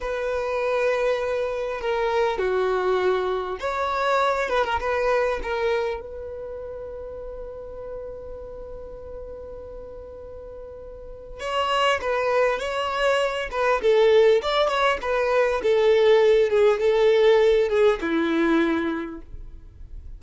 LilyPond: \new Staff \with { instrumentName = "violin" } { \time 4/4 \tempo 4 = 100 b'2. ais'4 | fis'2 cis''4. b'16 ais'16 | b'4 ais'4 b'2~ | b'1~ |
b'2. cis''4 | b'4 cis''4. b'8 a'4 | d''8 cis''8 b'4 a'4. gis'8 | a'4. gis'8 e'2 | }